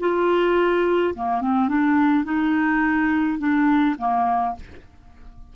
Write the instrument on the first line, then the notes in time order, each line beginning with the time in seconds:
clarinet
0.00 F4
1.15 A#3
1.41 C4
1.69 D4
2.24 D#4
3.39 D4
3.99 A#3